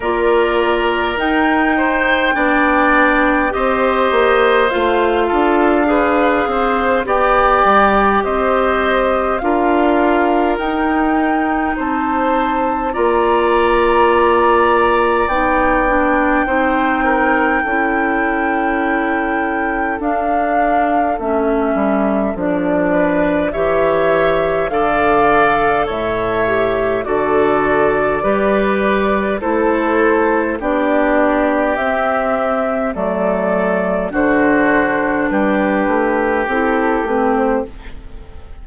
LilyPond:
<<
  \new Staff \with { instrumentName = "flute" } { \time 4/4 \tempo 4 = 51 d''4 g''2 dis''4 | f''2 g''4 dis''4 | f''4 g''4 a''4 ais''4~ | ais''4 g''2.~ |
g''4 f''4 e''4 d''4 | e''4 f''4 e''4 d''4~ | d''4 c''4 d''4 e''4 | d''4 c''4 b'4 a'8 b'16 c''16 | }
  \new Staff \with { instrumentName = "oboe" } { \time 4/4 ais'4. c''8 d''4 c''4~ | c''8 a'8 b'8 c''8 d''4 c''4 | ais'2 c''4 d''4~ | d''2 c''8 ais'8 a'4~ |
a'2.~ a'8 b'8 | cis''4 d''4 cis''4 a'4 | b'4 a'4 g'2 | a'4 fis'4 g'2 | }
  \new Staff \with { instrumentName = "clarinet" } { \time 4/4 f'4 dis'4 d'4 g'4 | f'4 gis'4 g'2 | f'4 dis'2 f'4~ | f'4 dis'8 d'8 dis'4 e'4~ |
e'4 d'4 cis'4 d'4 | g'4 a'4. g'8 fis'4 | g'4 e'4 d'4 c'4 | a4 d'2 e'8 c'8 | }
  \new Staff \with { instrumentName = "bassoon" } { \time 4/4 ais4 dis'4 b4 c'8 ais8 | a8 d'4 c'8 b8 g8 c'4 | d'4 dis'4 c'4 ais4~ | ais4 b4 c'4 cis'4~ |
cis'4 d'4 a8 g8 f4 | e4 d4 a,4 d4 | g4 a4 b4 c'4 | fis4 d4 g8 a8 c'8 a8 | }
>>